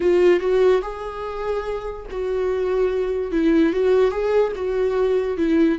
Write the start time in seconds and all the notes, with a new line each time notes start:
0.00 F4
0.40 F#4
0.82 G#4
2.10 F#4
3.31 E4
3.72 F#4
4.11 G#4
4.55 F#4
5.37 E4